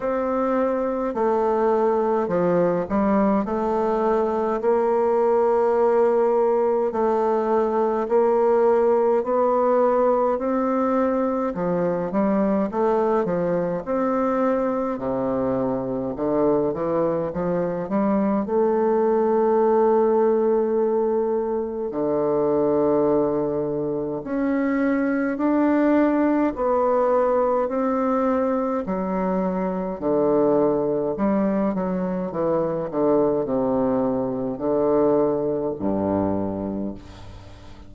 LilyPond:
\new Staff \with { instrumentName = "bassoon" } { \time 4/4 \tempo 4 = 52 c'4 a4 f8 g8 a4 | ais2 a4 ais4 | b4 c'4 f8 g8 a8 f8 | c'4 c4 d8 e8 f8 g8 |
a2. d4~ | d4 cis'4 d'4 b4 | c'4 fis4 d4 g8 fis8 | e8 d8 c4 d4 g,4 | }